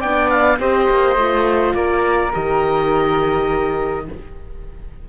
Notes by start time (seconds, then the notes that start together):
0.00 B3 D4 D5 G5
0.30 F5
0.59 C4 G4 C5 D#5
0.89 A#3
1.16 A3 F4
1.75 A#3 A#4 D5
2.33 D#3 G4 D#5